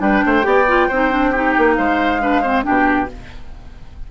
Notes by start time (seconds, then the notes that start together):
0.00 G3 D4 B4 G5
0.26 A3 C5
0.43 B3 G4 D5
0.68 F4
0.89 C4 D#4 C5
1.12 D4
1.31 D#4 G4
1.58 A#3
1.76 G#3 C5 F5
2.21 D4 B4
2.43 C4 C5
2.64 B2 D4 G4 G5